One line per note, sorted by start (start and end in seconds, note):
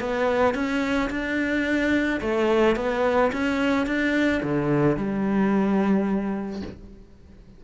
0.00 0.55 B3
0.55 1.10 C#4
1.10 2.20 D4
2.21 2.76 A3
2.76 3.31 B3
3.32 3.86 C#4
3.86 4.41 D4
4.43 4.97 D3
4.97 6.62 G3